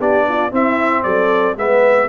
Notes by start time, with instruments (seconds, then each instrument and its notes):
0.00 tuba B3, trombone D4, horn G4, trumpet D5
0.29 horn F4
0.51 trombone C4, tuba C4, horn E4, trumpet E5
1.03 tuba F#3, horn A4, trumpet D5
1.57 tuba G#3, trombone B3, horn B4, trumpet E5